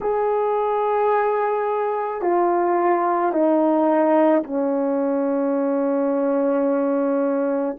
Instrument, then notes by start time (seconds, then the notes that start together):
horn
0.00 G#4
2.21 F4
3.32 D#4
4.43 C#4